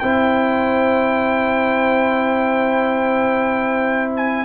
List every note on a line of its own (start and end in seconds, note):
0.00 4.45 C4
0.00 4.45 E4
0.00 4.45 C5
0.00 4.12 G5
4.17 4.45 G#5